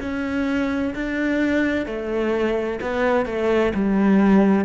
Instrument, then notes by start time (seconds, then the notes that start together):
cello
0.00 C#4
0.95 D4
1.86 A3
2.81 B3
3.26 A3
3.74 G3